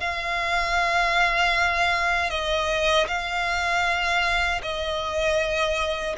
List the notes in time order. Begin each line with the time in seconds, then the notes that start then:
0.00 F5
2.30 D#5
3.07 F5
4.62 D#5